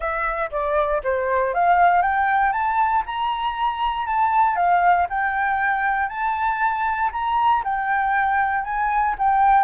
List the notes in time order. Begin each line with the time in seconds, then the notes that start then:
0.00 E5
0.51 D5
1.03 C5
1.54 F5
2.02 G5
2.52 A5
3.06 A#5
4.06 A5
4.56 F5
5.09 G5
6.08 A5
7.12 A#5
7.63 G5
8.64 G#5
9.18 G5